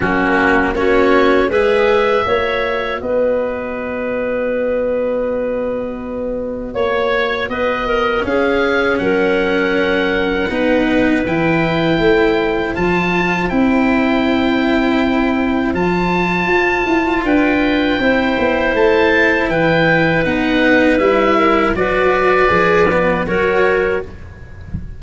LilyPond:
<<
  \new Staff \with { instrumentName = "oboe" } { \time 4/4 \tempo 4 = 80 fis'4 cis''4 e''2 | dis''1~ | dis''4 cis''4 dis''4 f''4 | fis''2. g''4~ |
g''4 a''4 g''2~ | g''4 a''2 g''4~ | g''4 a''4 g''4 fis''4 | e''4 d''2 cis''4 | }
  \new Staff \with { instrumentName = "clarinet" } { \time 4/4 cis'4 fis'4 b'4 cis''4 | b'1~ | b'4 cis''4 b'8 ais'8 gis'4 | ais'2 b'2 |
c''1~ | c''2. b'4 | c''2 b'2~ | b'8 ais'8 b'2 ais'4 | }
  \new Staff \with { instrumentName = "cello" } { \time 4/4 ais4 cis'4 gis'4 fis'4~ | fis'1~ | fis'2. cis'4~ | cis'2 dis'4 e'4~ |
e'4 f'4 e'2~ | e'4 f'2. | e'2. dis'4 | e'4 fis'4 gis'8 b8 fis'4 | }
  \new Staff \with { instrumentName = "tuba" } { \time 4/4 fis4 ais4 gis4 ais4 | b1~ | b4 ais4 b4 cis'4 | fis2 b4 e4 |
a4 f4 c'2~ | c'4 f4 f'8 e'8 d'4 | c'8 b8 a4 e4 b4 | g4 fis4 f4 fis4 | }
>>